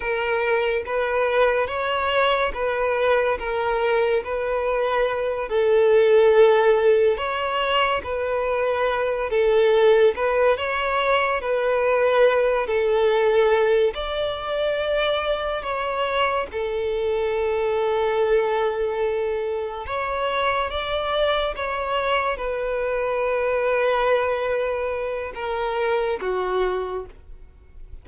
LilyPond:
\new Staff \with { instrumentName = "violin" } { \time 4/4 \tempo 4 = 71 ais'4 b'4 cis''4 b'4 | ais'4 b'4. a'4.~ | a'8 cis''4 b'4. a'4 | b'8 cis''4 b'4. a'4~ |
a'8 d''2 cis''4 a'8~ | a'2.~ a'8 cis''8~ | cis''8 d''4 cis''4 b'4.~ | b'2 ais'4 fis'4 | }